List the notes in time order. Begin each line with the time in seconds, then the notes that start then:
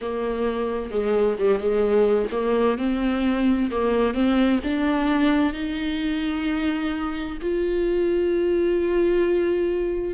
0.01 A#3
0.90 G#3
1.38 G3
1.59 G#3
2.31 A#3
2.78 C4
3.70 A#3
4.13 C4
4.63 D4
5.53 D#4
7.41 F4